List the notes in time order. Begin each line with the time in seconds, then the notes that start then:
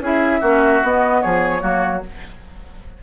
0.00 C#4 E4 G#4 E5
0.40 A#3 C#4 F#4
0.82 B3 D#5
1.22 F3 G#4 C#5
1.60 F#3 A#3 F#4